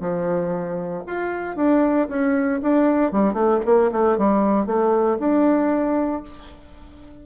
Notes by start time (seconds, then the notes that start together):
0.00 F3
1.07 F4
1.56 D4
2.09 C#4
2.62 D4
3.12 G3
3.33 A3
3.65 A#3
3.92 A3
4.18 G3
4.66 A3
5.19 D4